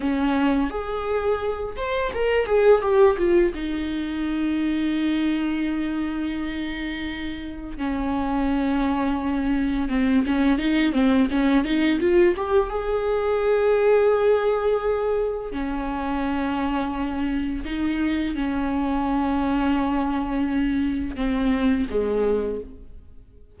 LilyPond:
\new Staff \with { instrumentName = "viola" } { \time 4/4 \tempo 4 = 85 cis'4 gis'4. c''8 ais'8 gis'8 | g'8 f'8 dis'2.~ | dis'2. cis'4~ | cis'2 c'8 cis'8 dis'8 c'8 |
cis'8 dis'8 f'8 g'8 gis'2~ | gis'2 cis'2~ | cis'4 dis'4 cis'2~ | cis'2 c'4 gis4 | }